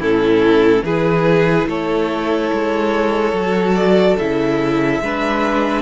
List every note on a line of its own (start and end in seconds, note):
0.00 0.83 A2
0.00 0.85 C#4
0.00 0.84 E4
0.00 0.85 A4
0.83 1.66 E3
0.83 3.36 E4
0.83 1.68 G#4
0.83 1.69 B4
1.68 2.51 A3
1.68 5.02 A4
1.68 3.76 C#5
2.53 3.33 G#3
3.33 4.16 F#3
3.33 4.19 F#4
3.76 4.18 D5
4.19 5.01 C#3
4.19 5.04 E4
4.19 5.82 E5
5.01 5.82 G#3
5.01 5.82 D4
5.01 5.82 B4